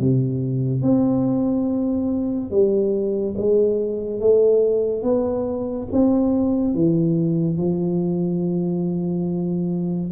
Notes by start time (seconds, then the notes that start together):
0.00 C3
0.82 C4
2.50 G3
3.37 G#3
4.20 A3
5.03 B3
5.92 C4
6.74 E3
7.58 F3